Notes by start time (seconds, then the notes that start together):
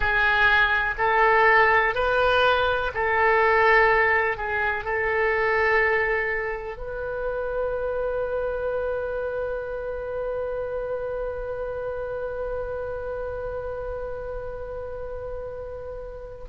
0.00 G#4
0.98 A4
1.94 B4
2.94 A4
4.37 G#4
4.84 A4
6.77 B4